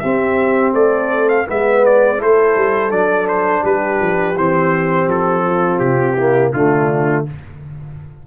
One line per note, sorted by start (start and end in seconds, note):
0.00 1.47 C4
0.00 0.73 C4
0.00 0.74 G4
0.00 0.72 E5
0.73 1.46 A3
0.73 1.46 A4
0.73 1.29 D5
1.29 1.47 F5
1.47 2.22 G#3
1.47 2.18 B3
1.47 2.19 B4
1.47 1.85 E5
1.85 2.22 D5
2.18 2.56 A3
2.18 2.90 E4
2.18 3.63 A4
2.18 2.91 C5
2.56 2.92 G3
2.90 3.64 F#3
2.90 4.35 D4
2.90 3.28 D5
3.28 3.64 C5
3.63 4.01 G3
3.63 5.43 G4
3.63 4.37 B4
4.01 4.36 F3
4.36 5.07 E3
4.36 6.17 C4
4.36 5.10 C5
5.07 5.80 F3
5.07 5.80 A4
5.46 6.16 F4
5.80 6.53 C3
5.80 6.52 G4
6.16 6.55 A#3
6.16 6.52 E4
6.53 7.26 D3
6.53 7.27 A3
6.53 7.26 D4
6.53 7.25 F4